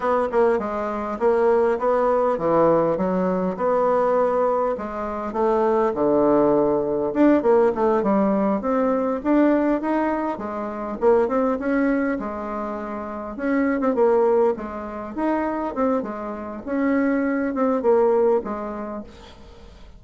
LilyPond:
\new Staff \with { instrumentName = "bassoon" } { \time 4/4 \tempo 4 = 101 b8 ais8 gis4 ais4 b4 | e4 fis4 b2 | gis4 a4 d2 | d'8 ais8 a8 g4 c'4 d'8~ |
d'8 dis'4 gis4 ais8 c'8 cis'8~ | cis'8 gis2 cis'8. c'16 ais8~ | ais8 gis4 dis'4 c'8 gis4 | cis'4. c'8 ais4 gis4 | }